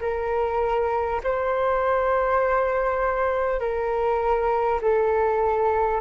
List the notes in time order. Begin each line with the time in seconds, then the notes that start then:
0.00 A#4
1.23 C5
3.59 A#4
4.81 A4